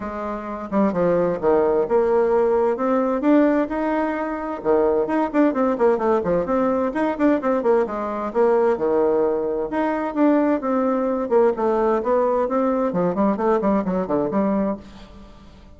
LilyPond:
\new Staff \with { instrumentName = "bassoon" } { \time 4/4 \tempo 4 = 130 gis4. g8 f4 dis4 | ais2 c'4 d'4 | dis'2 dis4 dis'8 d'8 | c'8 ais8 a8 f8 c'4 dis'8 d'8 |
c'8 ais8 gis4 ais4 dis4~ | dis4 dis'4 d'4 c'4~ | c'8 ais8 a4 b4 c'4 | f8 g8 a8 g8 fis8 d8 g4 | }